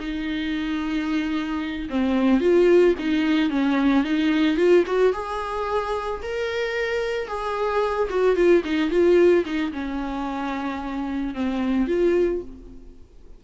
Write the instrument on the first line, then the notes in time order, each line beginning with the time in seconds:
viola
0.00 D#4
1.90 C4
2.41 F4
2.99 D#4
3.50 C#4
4.04 D#4
4.57 F4
4.87 F#4
5.13 G#4
6.23 A#4
7.28 G#4
8.10 F#4
8.36 F4
8.65 D#4
8.90 F4
9.45 D#4
9.72 C#4
11.35 C4
11.87 F4